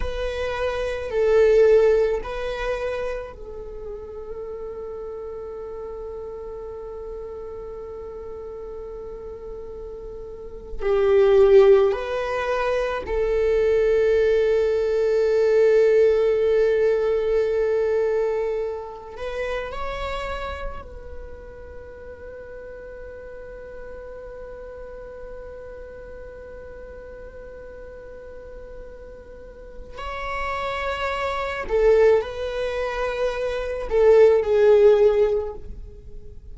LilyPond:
\new Staff \with { instrumentName = "viola" } { \time 4/4 \tempo 4 = 54 b'4 a'4 b'4 a'4~ | a'1~ | a'4.~ a'16 g'4 b'4 a'16~ | a'1~ |
a'4~ a'16 b'8 cis''4 b'4~ b'16~ | b'1~ | b'2. cis''4~ | cis''8 a'8 b'4. a'8 gis'4 | }